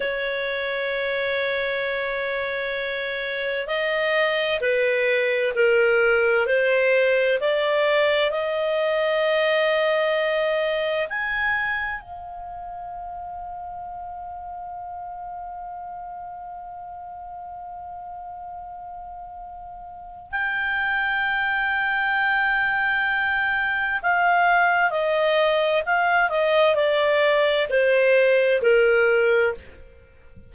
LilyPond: \new Staff \with { instrumentName = "clarinet" } { \time 4/4 \tempo 4 = 65 cis''1 | dis''4 b'4 ais'4 c''4 | d''4 dis''2. | gis''4 f''2.~ |
f''1~ | f''2 g''2~ | g''2 f''4 dis''4 | f''8 dis''8 d''4 c''4 ais'4 | }